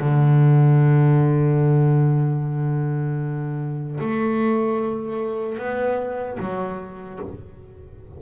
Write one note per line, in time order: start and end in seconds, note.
0.00 4.00 D3
4.01 5.59 A3
5.59 6.39 B3
6.40 7.20 F#3